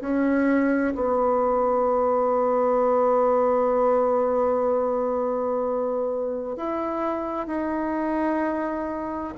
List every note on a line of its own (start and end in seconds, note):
0.00 0.94 C#4
0.95 6.56 B3
6.56 7.47 E4
7.47 9.34 D#4